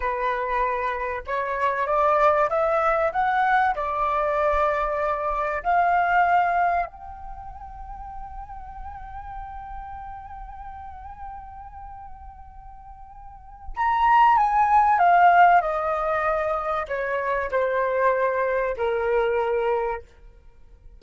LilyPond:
\new Staff \with { instrumentName = "flute" } { \time 4/4 \tempo 4 = 96 b'2 cis''4 d''4 | e''4 fis''4 d''2~ | d''4 f''2 g''4~ | g''1~ |
g''1~ | g''2 ais''4 gis''4 | f''4 dis''2 cis''4 | c''2 ais'2 | }